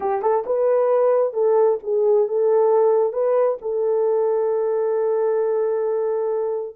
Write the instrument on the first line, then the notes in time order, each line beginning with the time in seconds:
horn
0.00 G4
0.22 A4
0.46 B4
1.33 A4
1.83 G#4
2.28 A4
3.13 B4
3.61 A4